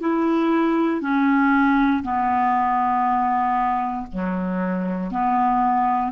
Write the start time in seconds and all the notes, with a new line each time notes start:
0.00 E4
1.01 C#4
2.03 B3
4.13 F#3
5.12 B3